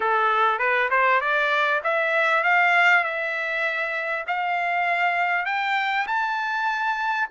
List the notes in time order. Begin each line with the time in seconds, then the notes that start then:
0.00 A4
0.58 B4
0.90 C5
1.20 D5
1.83 E5
2.43 F5
3.04 E5
4.27 F5
5.45 G5
6.07 A5